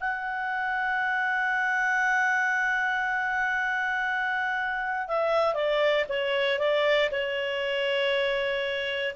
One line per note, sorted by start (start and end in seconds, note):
0.00 5.08 F#5
5.08 5.54 E5
5.54 6.05 D5
6.08 6.59 C#5
6.59 7.10 D5
7.11 9.14 C#5